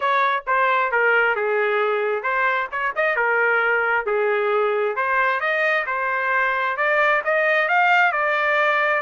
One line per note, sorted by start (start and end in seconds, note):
0.00 0.44 C#5
0.46 0.91 C5
0.91 1.35 A#4
1.35 2.22 G#4
2.22 2.68 C5
2.71 2.94 C#5
2.95 3.16 D#5
3.16 4.06 A#4
4.06 4.96 G#4
4.96 5.40 C5
5.40 5.85 D#5
5.86 6.76 C5
6.76 7.22 D5
7.24 7.68 D#5
7.68 8.11 F5
8.11 9.02 D5